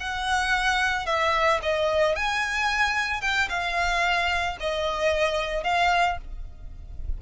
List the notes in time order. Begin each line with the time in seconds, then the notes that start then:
0.00 F#5
1.06 E5
1.63 D#5
2.15 G#5
3.21 G5
3.49 F5
4.60 D#5
5.63 F5